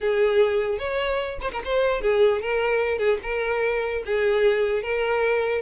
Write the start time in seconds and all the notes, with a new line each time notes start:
0.01 G#4
0.78 C#5
1.41 C5
1.52 A#4
1.64 C5
2.01 G#4
2.41 A#4
2.98 G#4
3.23 A#4
4.05 G#4
4.82 A#4